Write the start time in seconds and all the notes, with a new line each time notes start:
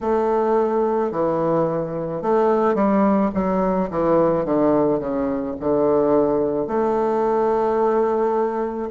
0.00 A3
1.11 E3
2.22 A3
2.74 G3
3.34 F#3
3.90 E3
4.44 D3
4.99 C#3
5.60 D3
6.67 A3